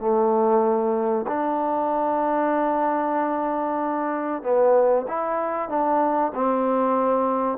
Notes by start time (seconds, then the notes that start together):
0.00 A3
1.28 D4
4.43 B3
5.08 E4
5.70 D4
6.35 C4